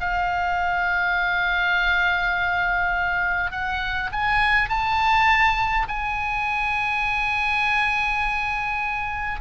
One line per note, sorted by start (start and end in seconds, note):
0.00 3.51 F5
3.51 4.10 F#5
4.12 4.68 G#5
4.68 5.86 A5
5.88 9.40 G#5